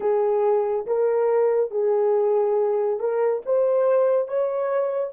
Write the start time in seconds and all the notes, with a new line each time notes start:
0.00 G#4
0.86 A#4
1.71 G#4
2.99 A#4
3.45 C5
4.27 C#5